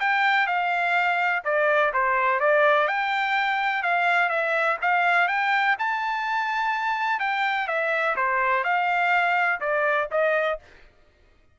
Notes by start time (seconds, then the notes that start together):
0.00 G5
0.47 F5
1.45 D5
1.93 C5
2.40 D5
2.88 G5
3.83 F5
4.30 E5
4.82 F5
5.28 G5
5.79 A5
7.20 G5
7.68 E5
8.16 C5
8.64 F5
9.61 D5
10.11 D#5